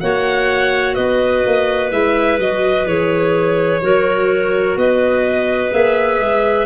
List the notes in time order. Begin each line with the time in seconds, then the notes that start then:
0.00 A#3 F#4 C#5 F#5
0.94 B3 B4 D#5
1.45 A#3
1.91 G#3 E4 E5
2.38 F#3 F#4 D#5
2.85 E3 G#4 C#5
3.82 F#3 F#4 A#4
4.76 B3 B4 D#5
5.71 A#3 G#4 E5
6.19 G#3